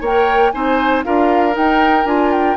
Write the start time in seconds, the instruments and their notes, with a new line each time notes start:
0.00 bassoon A#3, clarinet A#4, oboe C#5, flute G5
0.51 bassoon C4, clarinet D#4, oboe C5, flute G#5
1.03 bassoon D4, clarinet F4, oboe A#4, flute F5
1.51 clarinet D#4, bassoon D#4, flute G5
2.05 bassoon D4, clarinet F4, flute G#5
2.32 flute G5